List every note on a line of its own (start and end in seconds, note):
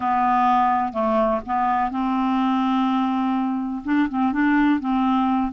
0.00 0.93 B3
0.93 1.41 A3
1.45 1.90 B3
1.90 3.82 C4
3.84 4.08 D4
4.09 4.32 C4
4.32 4.80 D4
4.80 5.52 C4